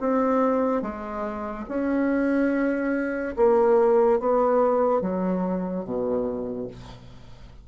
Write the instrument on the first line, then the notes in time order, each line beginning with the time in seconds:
bassoon
0.00 C4
0.82 G#3
1.69 C#4
3.36 A#3
4.20 B3
5.01 F#3
5.84 B2